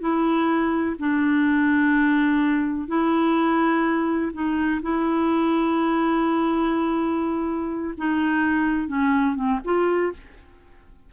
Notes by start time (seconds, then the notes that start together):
0.00 E4
0.99 D4
2.88 E4
4.33 D#4
4.82 E4
7.97 D#4
8.87 C#4
9.35 C4
9.65 F4